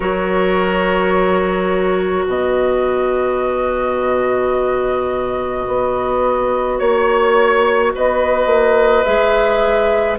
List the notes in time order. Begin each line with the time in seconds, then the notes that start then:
0.00 F#3 F#4 A#4 C#5
2.26 B2 B4 D#5
5.67 B3
6.78 A#3 C#5
7.94 B3 B4 D#5
8.46 A#3
9.03 G#3 G#4 E5